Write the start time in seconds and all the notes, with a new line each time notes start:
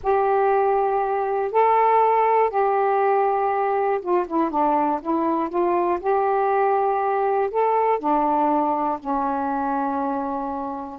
0.02 G4
1.51 A4
2.50 G4
4.01 F4
4.27 E4
4.50 D4
5.02 E4
5.49 F4
6.00 G4
7.50 A4
7.99 D4
8.99 C#4